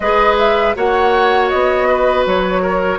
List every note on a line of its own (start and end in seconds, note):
0.00 0.75 G#3
0.00 0.75 G#4
0.00 0.76 B4
0.00 0.36 D#5
0.38 0.75 E5
0.75 1.51 A#3
0.75 2.98 F#4
0.75 1.88 C#5
0.75 1.49 F#5
1.49 2.25 B3
1.49 2.24 D#5
1.88 2.61 B4
2.25 2.98 F#3
2.25 2.98 C#5
2.61 2.98 A#4